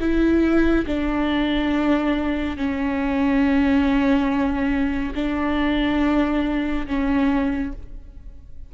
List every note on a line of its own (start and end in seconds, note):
0.00 0.86 E4
0.86 2.57 D4
2.57 5.14 C#4
5.15 6.86 D4
6.87 7.73 C#4